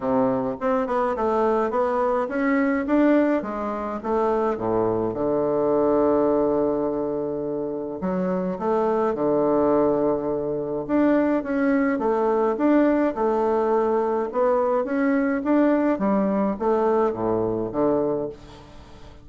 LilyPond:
\new Staff \with { instrumentName = "bassoon" } { \time 4/4 \tempo 4 = 105 c4 c'8 b8 a4 b4 | cis'4 d'4 gis4 a4 | a,4 d2.~ | d2 fis4 a4 |
d2. d'4 | cis'4 a4 d'4 a4~ | a4 b4 cis'4 d'4 | g4 a4 a,4 d4 | }